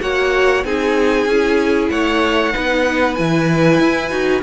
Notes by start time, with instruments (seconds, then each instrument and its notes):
0.00 cello A#3, viola F#4, violin C#5 F#5
0.64 cello C4, viola D#4, violin G#4 G#5
1.26 cello C#4, viola E4
1.90 cello A3, violin C#5 F#5
2.52 cello B3, viola D#4, violin B4
3.15 cello E3, viola E4, violin G#5
3.79 cello E4
4.10 cello D#4, viola F#4